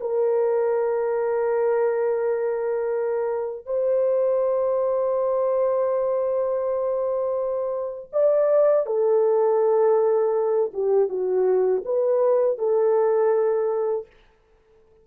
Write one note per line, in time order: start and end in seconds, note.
0.00 3.66 A#4
3.66 8.10 C5
8.12 8.86 D5
8.86 10.71 A4
10.73 11.08 G4
11.08 11.82 F#4
11.85 12.58 B4
12.58 14.06 A4